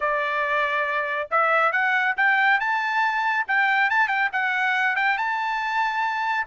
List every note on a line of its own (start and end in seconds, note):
0.00 1.29 D5
1.30 1.72 E5
1.72 2.15 F#5
2.16 2.59 G5
2.59 3.46 A5
3.47 3.89 G5
3.89 4.08 A5
4.08 4.29 G5
4.32 4.95 F#5
4.95 5.17 G5
5.17 6.46 A5